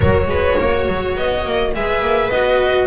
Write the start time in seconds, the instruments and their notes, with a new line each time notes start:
0.00 double bass F#3, cello F#4, viola A#4, violin C#5
0.26 double bass G#3, viola B4
0.58 double bass A#3, viola C#5
0.87 double bass F#3
1.16 double bass B3, violin D#5
1.45 double bass A#3
1.74 double bass G#3, cello G#4, viola B4, violin E5
2.00 double bass A#3
2.30 double bass B3, cello F#4, violin D#5